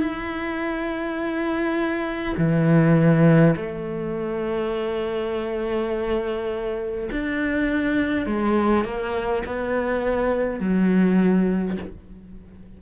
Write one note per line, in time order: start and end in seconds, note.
0.00 2.35 E4
2.37 3.55 E3
3.56 7.09 A3
7.11 8.26 D4
8.26 8.84 G#3
8.84 9.43 A#3
9.45 10.59 B3
10.59 11.77 F#3